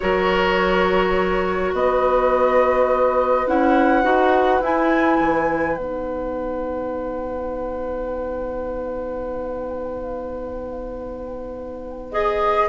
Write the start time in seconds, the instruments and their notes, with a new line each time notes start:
0.00 bassoon F#3, clarinet F#4, oboe A#4, flute C#5
1.72 bassoon B3, oboe B4, flute D#5
3.47 bassoon C#4, clarinet E4, flute F#5
4.03 bassoon D#4, clarinet F#4
4.60 bassoon E4, clarinet E4, flute G#5
5.20 bassoon E3
5.76 bassoon B3, clarinet D#4, flute F#5
12.11 clarinet G#4, flute D#5